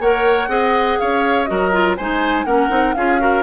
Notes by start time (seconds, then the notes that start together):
0.00 A#3 A#4 C#5 F#5
0.48 C4 G#4 D#5
0.99 C#4 C#5 F5
1.45 F#3 F#4 A#4 D#5
1.72 F4
1.97 G#3 D#4 C5 G#5
2.45 A#3 C#4 A#4 F#5
2.69 C4 D#4
2.94 C#4 F4 G#4 F5
3.19 F#4 A#4